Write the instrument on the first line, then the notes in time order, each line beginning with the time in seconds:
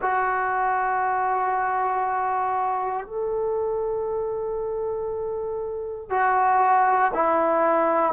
trombone
0.01 F#4
3.06 A4
6.10 F#4
7.14 E4